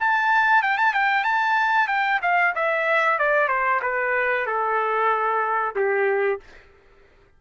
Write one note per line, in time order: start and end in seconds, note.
0.00 0.62 A5
0.62 0.77 G5
0.77 0.94 A5
0.94 1.24 G5
1.24 1.87 A5
1.87 2.20 G5
2.22 2.54 F5
2.55 3.18 E5
3.18 3.48 D5
3.48 3.80 C5
3.82 4.46 B4
4.46 5.75 A4
5.75 6.40 G4